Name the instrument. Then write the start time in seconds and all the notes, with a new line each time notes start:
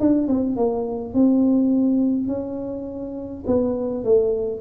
tuba
0.00 D4
0.28 C4
0.56 A#3
1.14 C4
2.28 C#4
3.47 B3
4.05 A3